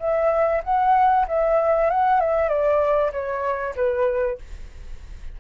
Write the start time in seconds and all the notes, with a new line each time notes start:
0.00 E5
0.64 F#5
1.28 E5
1.91 F#5
2.21 E5
2.49 D5
3.12 C#5
3.76 B4